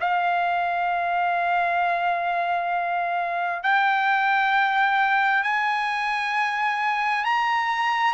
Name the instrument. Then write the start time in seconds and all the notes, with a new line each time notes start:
trumpet
0.00 F5
3.63 G5
5.43 G#5
7.24 A#5